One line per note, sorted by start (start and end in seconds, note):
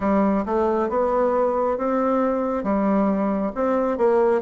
0.00 0.44 G3
0.45 0.89 A3
0.89 1.77 B3
1.77 2.63 C4
2.63 3.51 G3
3.55 3.97 C4
3.97 4.41 A#3